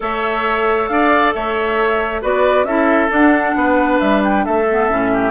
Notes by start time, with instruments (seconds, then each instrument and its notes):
0.00 bassoon A3, clarinet A4, oboe C#5, flute E5
0.87 bassoon D4, oboe D5, flute F5
1.33 bassoon A3, oboe C#5, flute E5
2.21 bassoon B3, clarinet F#4, oboe B4, flute D5
2.64 bassoon C#4, clarinet E4, oboe A4, flute E5
3.08 clarinet D4, bassoon D4, flute F#5
3.55 bassoon B3, oboe B4
3.99 bassoon G3, flute E5
4.24 flute G5
4.44 bassoon A3, oboe A4, flute E5
4.70 clarinet B3
4.89 bassoon A2, clarinet C#4
5.13 oboe G4